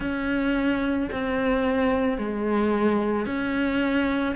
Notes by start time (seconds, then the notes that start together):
0.00 C#4
1.11 C4
2.18 G#3
3.26 C#4